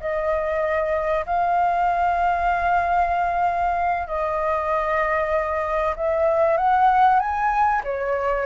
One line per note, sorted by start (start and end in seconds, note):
0.00 1.25 D#5
1.26 4.07 F5
4.07 5.95 D#5
5.95 6.57 E5
6.57 7.19 F#5
7.19 7.82 G#5
7.84 8.46 C#5